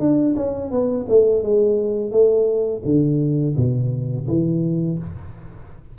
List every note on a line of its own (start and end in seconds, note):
0.00 0.35 D4
0.37 0.71 C#4
0.71 1.07 B3
1.09 1.43 A3
1.43 2.12 G#3
2.12 2.82 A3
2.86 3.56 D3
3.57 4.27 B2
4.28 4.99 E3